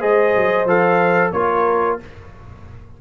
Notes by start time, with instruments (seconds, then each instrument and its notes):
0.00 tuba G#3, trombone G#4, horn C5, trumpet D#5
0.36 tuba F#3
0.66 tuba F3, trombone A4, trumpet F5
1.32 tuba A#3, trombone F4, horn A#4, trumpet C#5